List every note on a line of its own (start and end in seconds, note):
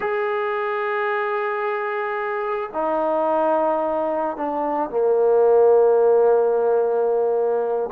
0.00 2.70 G#4
2.73 4.36 D#4
4.36 4.90 D4
4.90 7.90 A#3